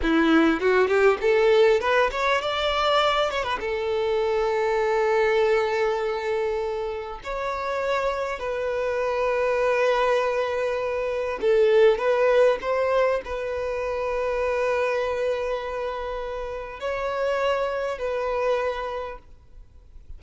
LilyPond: \new Staff \with { instrumentName = "violin" } { \time 4/4 \tempo 4 = 100 e'4 fis'8 g'8 a'4 b'8 cis''8 | d''4. cis''16 b'16 a'2~ | a'1 | cis''2 b'2~ |
b'2. a'4 | b'4 c''4 b'2~ | b'1 | cis''2 b'2 | }